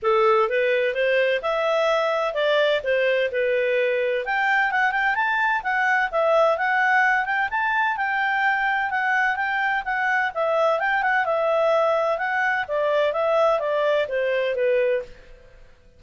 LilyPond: \new Staff \with { instrumentName = "clarinet" } { \time 4/4 \tempo 4 = 128 a'4 b'4 c''4 e''4~ | e''4 d''4 c''4 b'4~ | b'4 g''4 fis''8 g''8 a''4 | fis''4 e''4 fis''4. g''8 |
a''4 g''2 fis''4 | g''4 fis''4 e''4 g''8 fis''8 | e''2 fis''4 d''4 | e''4 d''4 c''4 b'4 | }